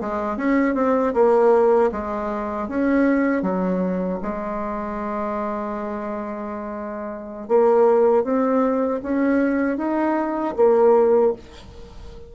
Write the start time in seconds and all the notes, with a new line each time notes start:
0.00 G#3
0.37 C#4
0.74 C4
1.13 A#3
1.91 G#3
2.68 C#4
3.42 F#3
4.22 G#3
7.48 A#3
8.23 C4
9.02 C#4
9.77 D#4
10.56 A#3